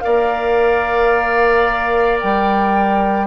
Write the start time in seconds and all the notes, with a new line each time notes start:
0.00 A#3 A#4 D5 F5
2.19 G3 G5